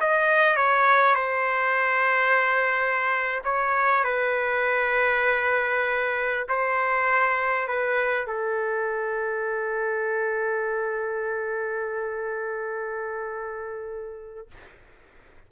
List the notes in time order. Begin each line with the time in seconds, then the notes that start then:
0.00 D#5
0.56 C#5
1.15 C5
3.44 C#5
4.04 B4
6.48 C5
7.67 B4
8.26 A4